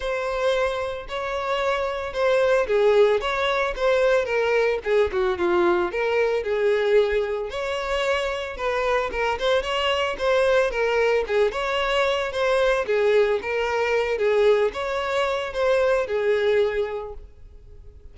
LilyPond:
\new Staff \with { instrumentName = "violin" } { \time 4/4 \tempo 4 = 112 c''2 cis''2 | c''4 gis'4 cis''4 c''4 | ais'4 gis'8 fis'8 f'4 ais'4 | gis'2 cis''2 |
b'4 ais'8 c''8 cis''4 c''4 | ais'4 gis'8 cis''4. c''4 | gis'4 ais'4. gis'4 cis''8~ | cis''4 c''4 gis'2 | }